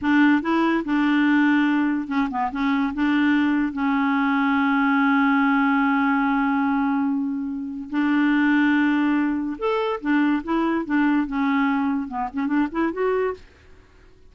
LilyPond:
\new Staff \with { instrumentName = "clarinet" } { \time 4/4 \tempo 4 = 144 d'4 e'4 d'2~ | d'4 cis'8 b8 cis'4 d'4~ | d'4 cis'2.~ | cis'1~ |
cis'2. d'4~ | d'2. a'4 | d'4 e'4 d'4 cis'4~ | cis'4 b8 cis'8 d'8 e'8 fis'4 | }